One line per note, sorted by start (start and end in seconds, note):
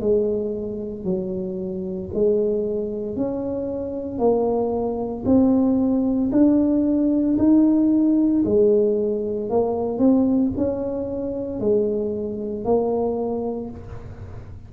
0.00 1.04 G#3
1.04 2.10 F#3
2.14 3.16 G#3
3.16 4.19 C#4
4.19 5.24 A#3
5.25 6.31 C4
6.32 7.37 D4
7.38 8.44 D#4
8.45 9.50 G#3
9.50 9.99 A#3
9.99 10.51 C4
10.57 11.60 C#4
11.60 12.65 G#3
12.65 13.70 A#3